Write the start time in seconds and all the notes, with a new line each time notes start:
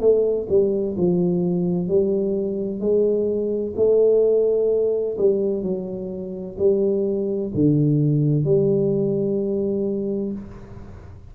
0.00 A3
0.49 G3
0.98 F3
1.88 G3
2.80 G#3
3.76 A3
5.18 G3
5.62 F#3
6.58 G3
7.54 D3
8.45 G3